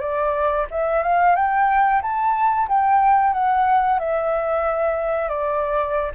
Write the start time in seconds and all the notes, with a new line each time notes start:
0.00 D5
0.71 E5
1.02 F5
1.35 G5
2.02 A5
2.68 G5
3.33 F#5
3.99 E5
5.29 D5